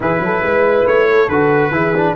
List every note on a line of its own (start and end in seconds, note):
0.00 0.20 E3
0.00 1.29 E4
0.00 0.23 G#4
0.00 0.87 B4
0.20 0.42 F#3
0.20 0.43 A4
0.42 0.85 G#3
0.42 1.07 B4
0.86 1.28 A3
0.86 1.28 C#5
1.07 1.72 A4
1.28 1.70 D3
1.28 1.72 F#4
1.28 2.15 B4
1.70 2.13 E3
1.70 1.93 E4
1.70 2.15 G#4
1.96 2.15 D4